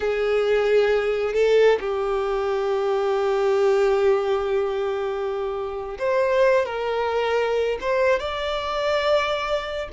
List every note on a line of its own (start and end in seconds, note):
0.00 1.33 G#4
1.33 1.78 A4
1.79 5.97 G4
5.98 6.65 C5
6.65 7.78 A#4
7.80 8.19 C5
8.19 9.89 D5